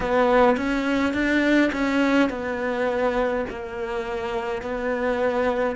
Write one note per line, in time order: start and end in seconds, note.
0.00 0.56 B3
0.56 1.13 C#4
1.13 1.71 D4
1.72 2.29 C#4
2.29 3.45 B3
3.49 4.62 A#3
4.62 5.75 B3